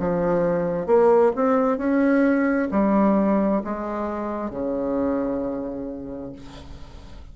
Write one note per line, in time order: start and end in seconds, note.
0.00 0.87 F3
0.87 1.32 A#3
1.36 1.78 C4
1.78 2.69 C#4
2.71 3.62 G3
3.64 4.51 G#3
4.51 6.33 C#3